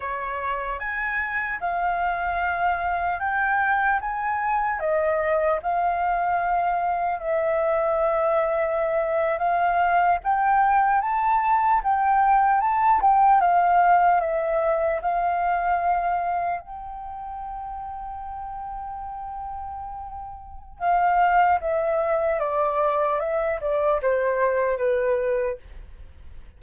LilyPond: \new Staff \with { instrumentName = "flute" } { \time 4/4 \tempo 4 = 75 cis''4 gis''4 f''2 | g''4 gis''4 dis''4 f''4~ | f''4 e''2~ e''8. f''16~ | f''8. g''4 a''4 g''4 a''16~ |
a''16 g''8 f''4 e''4 f''4~ f''16~ | f''8. g''2.~ g''16~ | g''2 f''4 e''4 | d''4 e''8 d''8 c''4 b'4 | }